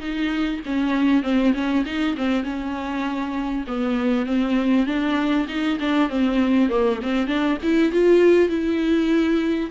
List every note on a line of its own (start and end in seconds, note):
0.00 0.61 D#4
0.66 1.23 C#4
1.23 1.53 C4
1.54 1.85 C#4
1.86 2.16 D#4
2.17 2.44 C4
2.44 3.65 C#4
3.67 4.26 B3
4.26 4.86 C4
4.86 5.47 D4
5.48 5.79 D#4
5.80 6.09 D4
6.09 6.69 C4
6.69 7.00 A#3
7.02 7.27 C4
7.27 7.58 D4
7.63 7.92 E4
7.92 8.49 F4
8.49 9.70 E4